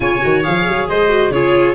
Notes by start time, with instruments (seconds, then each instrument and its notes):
0.00 tuba C#3, viola F4, trumpet C#5, violin G#5
0.21 tuba D#3, viola F#4
0.43 tuba F3, viola G#4, violin F5
0.67 tuba F#3
0.89 tuba G#3, trumpet C5, violin D#5
1.08 viola F#4
1.29 tuba C#3, viola F4, trumpet G#4, violin C#5